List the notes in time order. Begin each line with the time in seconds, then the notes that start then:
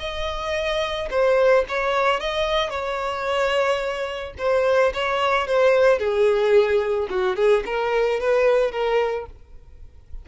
0.00 D#5
1.11 C5
1.69 C#5
2.21 D#5
2.70 C#5
4.39 C5
4.94 C#5
5.48 C5
6.00 G#4
7.10 F#4
7.37 G#4
7.66 A#4
8.21 B4
8.72 A#4